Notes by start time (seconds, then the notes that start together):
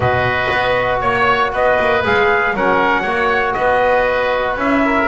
0.00 B2 F#4 B4 D#5
0.51 B3
1.00 A#3 C#5
1.52 B3 B4 D#5
1.79 A#3
2.03 G#3 G#4 F5
2.53 F#3 C#4 A#4 F#5
3.02 A#3 F#4 C#5
3.53 B3 B4 D#5
4.56 C#4 E4 E5
4.85 A#4